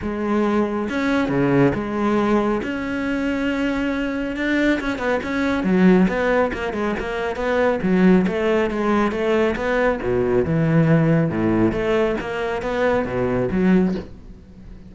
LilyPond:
\new Staff \with { instrumentName = "cello" } { \time 4/4 \tempo 4 = 138 gis2 cis'4 cis4 | gis2 cis'2~ | cis'2 d'4 cis'8 b8 | cis'4 fis4 b4 ais8 gis8 |
ais4 b4 fis4 a4 | gis4 a4 b4 b,4 | e2 a,4 a4 | ais4 b4 b,4 fis4 | }